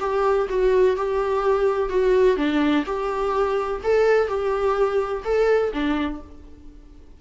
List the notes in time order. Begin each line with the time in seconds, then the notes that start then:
0.00 G4
0.49 F#4
0.97 G4
1.89 F#4
2.37 D4
2.86 G4
3.84 A4
4.27 G4
5.24 A4
5.73 D4